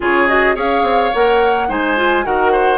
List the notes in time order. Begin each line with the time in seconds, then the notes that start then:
0.00 C#3 F4 G#4 C#5
0.27 F#4 D#5
0.55 C#4 G#4 C#5 F5
0.82 C4
1.14 A#3 A#4 F#5
1.68 G#3 D#4 C5 G#5
1.96 F4
2.24 D#3 F#4 A#4 F#5
2.52 C5